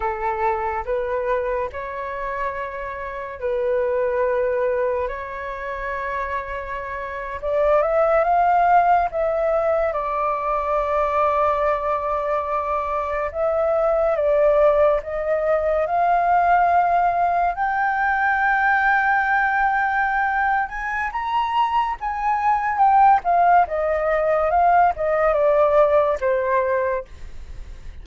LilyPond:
\new Staff \with { instrumentName = "flute" } { \time 4/4 \tempo 4 = 71 a'4 b'4 cis''2 | b'2 cis''2~ | cis''8. d''8 e''8 f''4 e''4 d''16~ | d''2.~ d''8. e''16~ |
e''8. d''4 dis''4 f''4~ f''16~ | f''8. g''2.~ g''16~ | g''8 gis''8 ais''4 gis''4 g''8 f''8 | dis''4 f''8 dis''8 d''4 c''4 | }